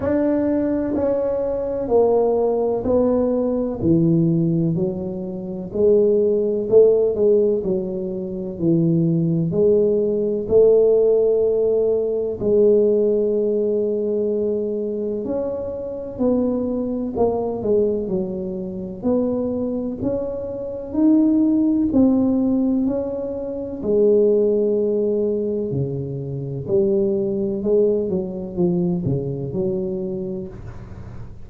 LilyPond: \new Staff \with { instrumentName = "tuba" } { \time 4/4 \tempo 4 = 63 d'4 cis'4 ais4 b4 | e4 fis4 gis4 a8 gis8 | fis4 e4 gis4 a4~ | a4 gis2. |
cis'4 b4 ais8 gis8 fis4 | b4 cis'4 dis'4 c'4 | cis'4 gis2 cis4 | g4 gis8 fis8 f8 cis8 fis4 | }